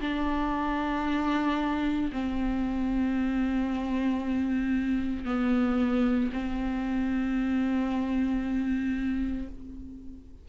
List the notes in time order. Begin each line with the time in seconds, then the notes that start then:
0.00 D4
2.12 C4
5.24 B3
6.32 C4